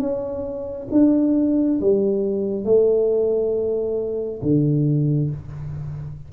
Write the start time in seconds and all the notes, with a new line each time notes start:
0.00 C#4
0.92 D4
1.81 G3
2.65 A3
4.43 D3